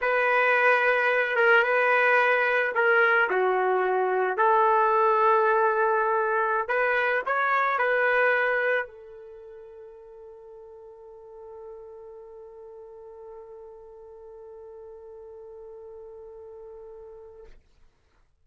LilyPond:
\new Staff \with { instrumentName = "trumpet" } { \time 4/4 \tempo 4 = 110 b'2~ b'8 ais'8 b'4~ | b'4 ais'4 fis'2 | a'1~ | a'16 b'4 cis''4 b'4.~ b'16~ |
b'16 a'2.~ a'8.~ | a'1~ | a'1~ | a'1 | }